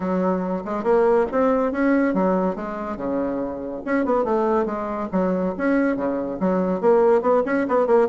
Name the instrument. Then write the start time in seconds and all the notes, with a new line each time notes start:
bassoon
0.00 F#3
0.64 G#3
0.83 A#3
1.31 C4
1.72 C#4
2.14 F#3
2.55 G#3
2.96 C#3
3.85 C#4
4.05 B3
4.24 A3
4.65 G#3
5.12 F#3
5.57 C#4
5.96 C#3
6.40 F#3
6.80 A#3
7.21 B3
7.45 C#4
7.68 B3
7.86 A#3